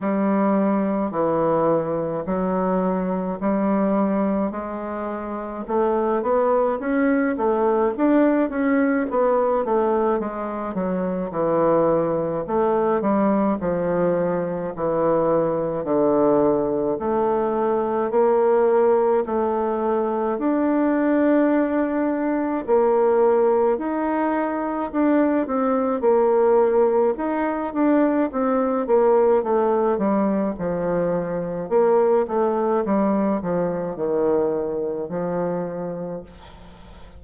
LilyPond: \new Staff \with { instrumentName = "bassoon" } { \time 4/4 \tempo 4 = 53 g4 e4 fis4 g4 | gis4 a8 b8 cis'8 a8 d'8 cis'8 | b8 a8 gis8 fis8 e4 a8 g8 | f4 e4 d4 a4 |
ais4 a4 d'2 | ais4 dis'4 d'8 c'8 ais4 | dis'8 d'8 c'8 ais8 a8 g8 f4 | ais8 a8 g8 f8 dis4 f4 | }